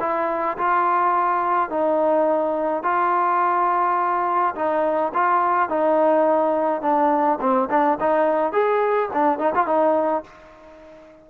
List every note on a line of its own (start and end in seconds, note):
0.00 0.57 E4
0.57 1.70 F4
1.70 2.83 D#4
2.83 4.55 F4
4.55 5.12 D#4
5.14 5.69 F4
5.69 6.82 D#4
6.82 7.39 D4
7.40 7.69 C4
7.70 7.98 D4
8.00 8.52 D#4
8.52 9.09 G#4
9.13 9.39 D4
9.39 9.53 D#4
9.55 9.66 F4
9.66 10.24 D#4